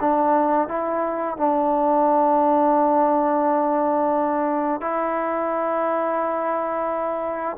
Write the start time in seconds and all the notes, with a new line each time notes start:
0.00 D4
0.68 E4
1.37 D4
4.81 E4